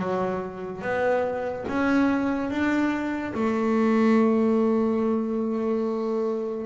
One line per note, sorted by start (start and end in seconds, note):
0.00 0.82 F#3
0.82 1.66 B3
1.69 2.51 C#4
2.51 3.34 D4
3.34 6.66 A3